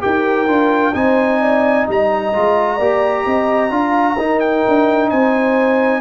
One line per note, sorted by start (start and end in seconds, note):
0.00 0.47 D#4
0.00 0.46 G4
0.00 0.93 A#4
0.00 0.94 G5
0.47 0.93 D4
0.47 0.93 F4
0.93 1.86 C4
0.93 2.32 D#4
0.93 1.40 C5
0.93 1.86 G#5
1.40 1.86 D5
1.86 2.34 G3
1.86 2.76 D#5
1.86 4.40 A#5
2.33 2.79 G#3
2.33 2.79 F4
2.76 3.25 A#3
2.76 3.70 G4
2.76 3.22 D5
3.26 3.70 C4
3.26 3.72 D#5
3.70 4.16 D4
3.70 4.16 F4
3.70 4.18 F5
4.17 4.63 D#4
4.17 6.01 D#4
4.17 5.09 A#4
4.40 5.09 G5
4.68 5.12 D4
5.09 6.01 C4
5.09 6.01 C5
5.09 6.01 G#5